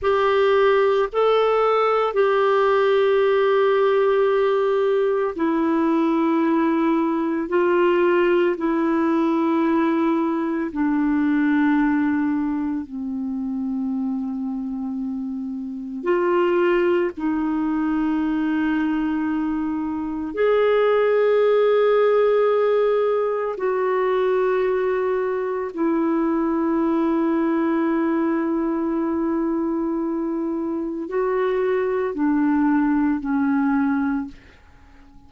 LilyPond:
\new Staff \with { instrumentName = "clarinet" } { \time 4/4 \tempo 4 = 56 g'4 a'4 g'2~ | g'4 e'2 f'4 | e'2 d'2 | c'2. f'4 |
dis'2. gis'4~ | gis'2 fis'2 | e'1~ | e'4 fis'4 d'4 cis'4 | }